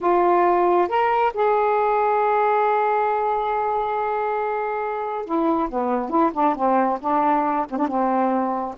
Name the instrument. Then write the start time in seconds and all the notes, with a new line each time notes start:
saxophone
0.00 F4
0.88 A#4
1.33 G#4
5.25 E4
5.69 B3
6.09 E4
6.33 D4
6.55 C4
7.00 D4
7.69 C4
7.78 D4
7.87 C4